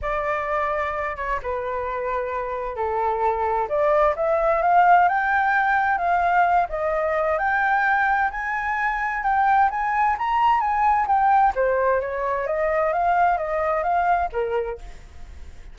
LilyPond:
\new Staff \with { instrumentName = "flute" } { \time 4/4 \tempo 4 = 130 d''2~ d''8 cis''8 b'4~ | b'2 a'2 | d''4 e''4 f''4 g''4~ | g''4 f''4. dis''4. |
g''2 gis''2 | g''4 gis''4 ais''4 gis''4 | g''4 c''4 cis''4 dis''4 | f''4 dis''4 f''4 ais'4 | }